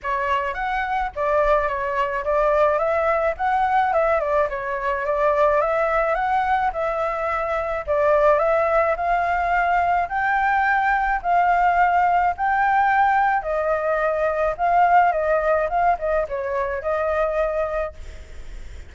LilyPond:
\new Staff \with { instrumentName = "flute" } { \time 4/4 \tempo 4 = 107 cis''4 fis''4 d''4 cis''4 | d''4 e''4 fis''4 e''8 d''8 | cis''4 d''4 e''4 fis''4 | e''2 d''4 e''4 |
f''2 g''2 | f''2 g''2 | dis''2 f''4 dis''4 | f''8 dis''8 cis''4 dis''2 | }